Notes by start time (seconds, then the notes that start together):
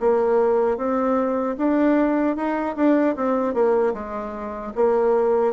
0.00 A#3
0.77 C4
1.58 D4
2.36 D#4
2.76 D4
3.16 C4
3.54 A#3
3.94 G#3
4.75 A#3